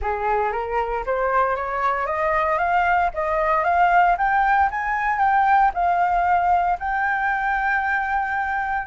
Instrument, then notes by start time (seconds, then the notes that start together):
flute
0.01 G#4
0.52 A#4
1.06 C5
1.56 C#5
2.06 D#5
2.58 F5
3.14 D#5
3.64 F5
4.17 G5
4.71 G#5
5.18 G5
5.73 F5
6.79 G5